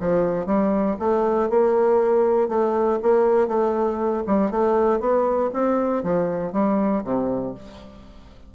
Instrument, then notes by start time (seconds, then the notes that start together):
bassoon
0.00 F3
0.46 G3
0.99 A3
1.50 A#3
2.48 A3
3.02 A#3
3.47 A3
4.27 G3
4.51 A3
5.00 B3
5.53 C4
6.03 F3
6.52 G3
7.04 C3